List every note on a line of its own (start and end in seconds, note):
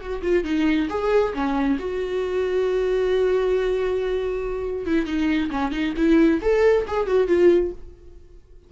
0.00 0.22 F#4
0.22 0.44 F4
0.45 0.89 D#4
0.89 1.34 G#4
1.34 1.78 C#4
1.79 4.86 F#4
4.86 5.06 E4
5.06 5.50 D#4
5.51 5.72 C#4
5.72 5.94 D#4
5.97 6.41 E4
6.42 6.86 A4
6.87 7.07 G#4
7.07 7.28 F#4
7.28 7.72 F4